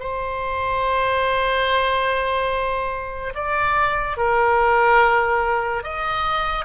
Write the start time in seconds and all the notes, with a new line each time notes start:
0.00 C5
3.35 D5
4.17 A#4
5.83 D#5